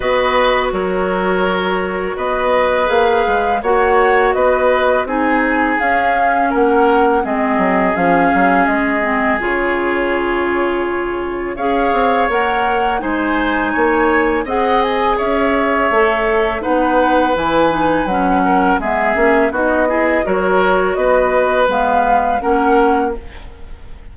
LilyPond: <<
  \new Staff \with { instrumentName = "flute" } { \time 4/4 \tempo 4 = 83 dis''4 cis''2 dis''4 | f''4 fis''4 dis''4 gis''4 | f''4 fis''4 dis''4 f''4 | dis''4 cis''2. |
f''4 fis''4 gis''2 | fis''8 gis''8 e''2 fis''4 | gis''4 fis''4 e''4 dis''4 | cis''4 dis''4 f''4 fis''4 | }
  \new Staff \with { instrumentName = "oboe" } { \time 4/4 b'4 ais'2 b'4~ | b'4 cis''4 b'4 gis'4~ | gis'4 ais'4 gis'2~ | gis'1 |
cis''2 c''4 cis''4 | dis''4 cis''2 b'4~ | b'4. ais'8 gis'4 fis'8 gis'8 | ais'4 b'2 ais'4 | }
  \new Staff \with { instrumentName = "clarinet" } { \time 4/4 fis'1 | gis'4 fis'2 dis'4 | cis'2 c'4 cis'4~ | cis'8 c'8 f'2. |
gis'4 ais'4 dis'2 | gis'2 a'4 dis'4 | e'8 dis'8 cis'4 b8 cis'8 dis'8 e'8 | fis'2 b4 cis'4 | }
  \new Staff \with { instrumentName = "bassoon" } { \time 4/4 b4 fis2 b4 | ais8 gis8 ais4 b4 c'4 | cis'4 ais4 gis8 fis8 f8 fis8 | gis4 cis2. |
cis'8 c'8 ais4 gis4 ais4 | c'4 cis'4 a4 b4 | e4 fis4 gis8 ais8 b4 | fis4 b4 gis4 ais4 | }
>>